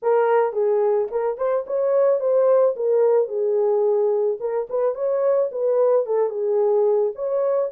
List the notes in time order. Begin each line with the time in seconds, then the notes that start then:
0.02 A#4
0.53 G#4
1.11 A#4
1.37 C5
1.66 C#5
2.20 C5
2.76 A#4
3.28 G#4
4.40 A#4
4.69 B4
4.94 C#5
5.51 B4
6.06 A4
6.29 G#4
7.15 C#5